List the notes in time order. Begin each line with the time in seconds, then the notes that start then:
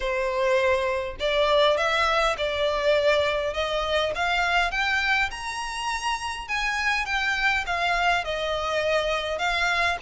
0.00 C5
1.19 D5
1.77 E5
2.37 D5
3.53 D#5
4.15 F5
4.71 G5
5.30 A#5
6.48 G#5
7.05 G5
7.66 F5
8.24 D#5
9.38 F5